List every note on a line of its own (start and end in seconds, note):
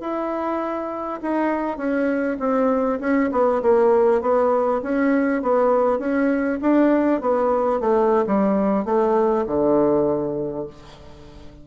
0.00 1.20 E4
1.22 1.77 D#4
1.77 2.37 C#4
2.39 2.99 C4
3.00 3.30 C#4
3.32 3.62 B3
3.62 4.21 A#3
4.21 4.81 B3
4.82 5.42 C#4
5.42 5.99 B3
5.99 6.59 C#4
6.61 7.21 D4
7.21 7.80 B3
7.80 8.25 A3
8.26 8.85 G3
8.85 9.45 A3
9.46 10.66 D3